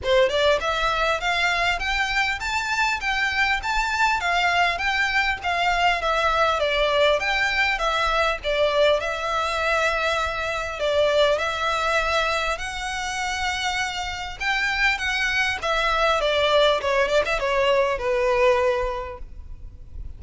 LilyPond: \new Staff \with { instrumentName = "violin" } { \time 4/4 \tempo 4 = 100 c''8 d''8 e''4 f''4 g''4 | a''4 g''4 a''4 f''4 | g''4 f''4 e''4 d''4 | g''4 e''4 d''4 e''4~ |
e''2 d''4 e''4~ | e''4 fis''2. | g''4 fis''4 e''4 d''4 | cis''8 d''16 e''16 cis''4 b'2 | }